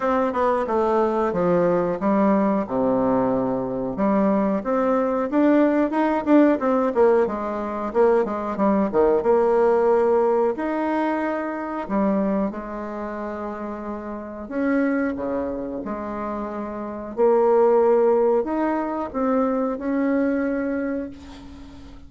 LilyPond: \new Staff \with { instrumentName = "bassoon" } { \time 4/4 \tempo 4 = 91 c'8 b8 a4 f4 g4 | c2 g4 c'4 | d'4 dis'8 d'8 c'8 ais8 gis4 | ais8 gis8 g8 dis8 ais2 |
dis'2 g4 gis4~ | gis2 cis'4 cis4 | gis2 ais2 | dis'4 c'4 cis'2 | }